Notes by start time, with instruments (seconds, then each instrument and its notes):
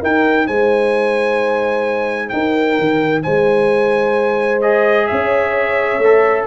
0.00 trombone D#4, tuba D#4, horn A#4, trumpet G5
0.47 tuba G#3, horn C5, trumpet G#5
2.29 tuba D#4, horn A#4, trumpet G5
2.79 tuba D#3
3.23 tuba G#3, horn C5, trumpet G#5
4.61 trombone G#4, trumpet D#5
5.07 tuba C#4, horn C#5, trumpet E5
5.98 tuba A3
6.04 trombone A4